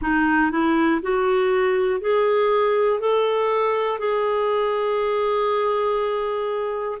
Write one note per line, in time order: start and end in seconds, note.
0.01 0.51 D#4
0.51 1.01 E4
1.01 2.00 F#4
2.00 3.00 G#4
3.00 3.99 A4
3.99 6.99 G#4